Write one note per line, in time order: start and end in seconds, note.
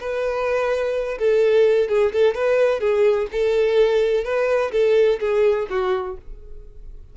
0.00 1.18 B4
1.18 1.88 A4
1.88 2.12 G#4
2.12 2.34 A4
2.34 2.80 B4
2.80 3.27 G#4
3.31 4.24 A4
4.24 4.71 B4
4.72 5.19 A4
5.20 5.67 G#4
5.70 6.17 F#4